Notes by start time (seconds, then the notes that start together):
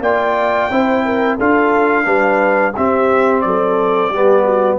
0.00 A#3 F4 D5 G5
0.70 C4 E4 C5
1.05 A#4
1.37 D4 F4 A4 F5
2.04 G3 D4 B4
2.76 C4 G4 E5
3.41 F#3 A4 D5
4.10 G3 B3 G4
4.44 F#4